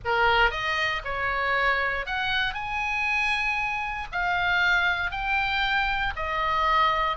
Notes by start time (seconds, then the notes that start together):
0.04 A#4
0.50 D#5
1.04 C#5
2.06 F#5
2.54 G#5
4.11 F5
5.11 G5
6.16 D#5